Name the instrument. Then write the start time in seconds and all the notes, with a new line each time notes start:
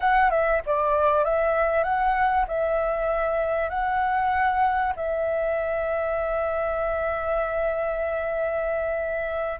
flute
0.00 F#5
0.30 E5
0.66 D5
1.24 E5
1.83 F#5
2.47 E5
3.69 F#5
4.96 E5